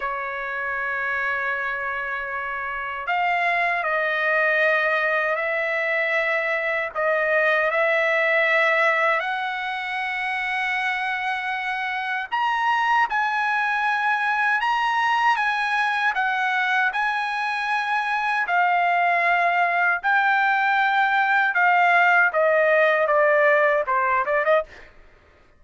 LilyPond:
\new Staff \with { instrumentName = "trumpet" } { \time 4/4 \tempo 4 = 78 cis''1 | f''4 dis''2 e''4~ | e''4 dis''4 e''2 | fis''1 |
ais''4 gis''2 ais''4 | gis''4 fis''4 gis''2 | f''2 g''2 | f''4 dis''4 d''4 c''8 d''16 dis''16 | }